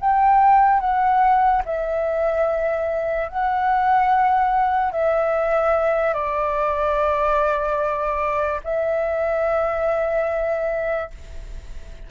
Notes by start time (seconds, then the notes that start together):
0.00 G5
0.80 F#5
1.66 E5
3.29 F#5
4.92 E5
6.14 D5
8.64 E5